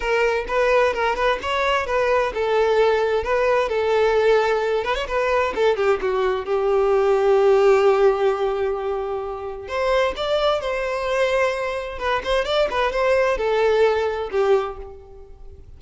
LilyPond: \new Staff \with { instrumentName = "violin" } { \time 4/4 \tempo 4 = 130 ais'4 b'4 ais'8 b'8 cis''4 | b'4 a'2 b'4 | a'2~ a'8 b'16 cis''16 b'4 | a'8 g'8 fis'4 g'2~ |
g'1~ | g'4 c''4 d''4 c''4~ | c''2 b'8 c''8 d''8 b'8 | c''4 a'2 g'4 | }